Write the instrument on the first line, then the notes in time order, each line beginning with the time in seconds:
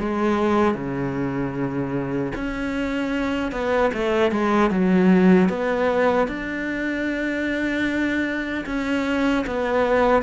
cello
0.00 G#3
0.75 C#3
2.35 C#4
3.52 B3
3.94 A3
4.32 G#3
4.71 F#3
5.49 B3
6.28 D4
8.66 C#4
9.47 B3